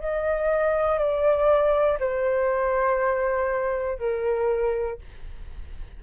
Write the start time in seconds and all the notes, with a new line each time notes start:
0.00 D#5
0.99 D5
2.00 C5
3.99 A#4